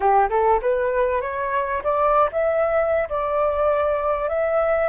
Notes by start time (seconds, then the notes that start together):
0.00 G4
0.29 A4
0.61 B4
1.21 C#5
1.83 D5
2.32 E5
3.09 D5
4.29 E5